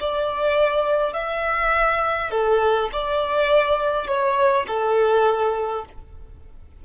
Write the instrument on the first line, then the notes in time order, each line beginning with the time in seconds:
violin
0.00 D5
1.13 E5
2.31 A4
2.93 D5
4.07 C#5
4.67 A4